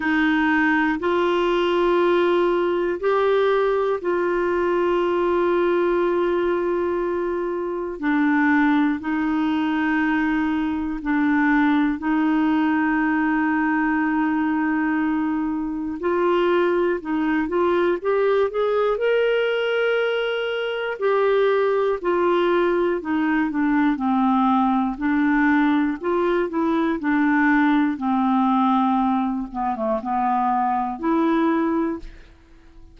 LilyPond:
\new Staff \with { instrumentName = "clarinet" } { \time 4/4 \tempo 4 = 60 dis'4 f'2 g'4 | f'1 | d'4 dis'2 d'4 | dis'1 |
f'4 dis'8 f'8 g'8 gis'8 ais'4~ | ais'4 g'4 f'4 dis'8 d'8 | c'4 d'4 f'8 e'8 d'4 | c'4. b16 a16 b4 e'4 | }